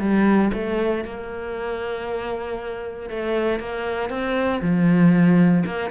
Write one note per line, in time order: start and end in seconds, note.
0.00 0.51 G3
0.53 1.04 A3
1.04 3.10 A#3
3.10 3.60 A3
3.60 4.10 A#3
4.10 4.61 C4
4.62 5.65 F3
5.65 5.91 A#3